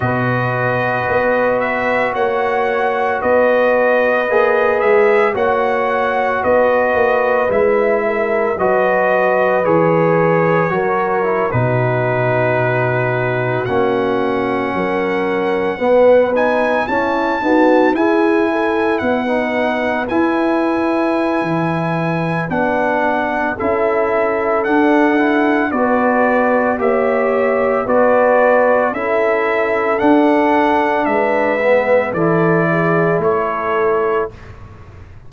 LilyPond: <<
  \new Staff \with { instrumentName = "trumpet" } { \time 4/4 \tempo 4 = 56 dis''4. e''8 fis''4 dis''4~ | dis''8 e''8 fis''4 dis''4 e''4 | dis''4 cis''4.~ cis''16 b'4~ b'16~ | b'8. fis''2~ fis''8 gis''8 a''16~ |
a''8. gis''4 fis''4 gis''4~ gis''16~ | gis''4 fis''4 e''4 fis''4 | d''4 e''4 d''4 e''4 | fis''4 e''4 d''4 cis''4 | }
  \new Staff \with { instrumentName = "horn" } { \time 4/4 b'2 cis''4 b'4~ | b'4 cis''4 b'4. ais'8 | b'2 ais'8. fis'4~ fis'16~ | fis'4.~ fis'16 ais'4 b'4 e'16~ |
e'16 fis'8 gis'8 a'8 b'2~ b'16~ | b'2 a'2 | b'4 cis''4 b'4 a'4~ | a'4 b'4 a'8 gis'8 a'4 | }
  \new Staff \with { instrumentName = "trombone" } { \time 4/4 fis'1 | gis'4 fis'2 e'4 | fis'4 gis'4 fis'8 e'16 dis'4~ dis'16~ | dis'8. cis'2 b8 dis'8 cis'16~ |
cis'16 b8 e'4~ e'16 dis'8. e'4~ e'16~ | e'4 d'4 e'4 d'8 e'8 | fis'4 g'4 fis'4 e'4 | d'4. b8 e'2 | }
  \new Staff \with { instrumentName = "tuba" } { \time 4/4 b,4 b4 ais4 b4 | ais8 gis8 ais4 b8 ais8 gis4 | fis4 e4 fis8. b,4~ b,16~ | b,8. ais4 fis4 b4 cis'16~ |
cis'16 dis'8 e'4 b4 e'4~ e'16 | e4 b4 cis'4 d'4 | b4 ais4 b4 cis'4 | d'4 gis4 e4 a4 | }
>>